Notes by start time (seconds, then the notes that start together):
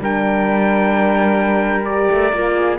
0.00 G3 D4 A#4 G5
1.84 G4 D5
2.11 A3
2.32 A#3 F4
2.55 G#4